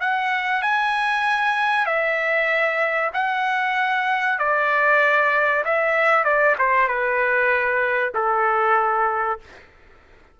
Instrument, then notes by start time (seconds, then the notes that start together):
trumpet
0.00 F#5
0.61 G#5
1.86 E5
3.13 F#5
4.39 D5
5.64 E5
6.24 D5
6.58 C5
6.88 B4
8.14 A4